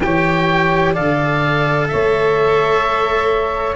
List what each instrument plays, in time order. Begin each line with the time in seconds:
0.00 tuba E3, cello G4, saxophone C#5, oboe G5
0.92 tuba D3, cello A4, saxophone D5, oboe F5
1.88 tuba A3, saxophone C#5, oboe E5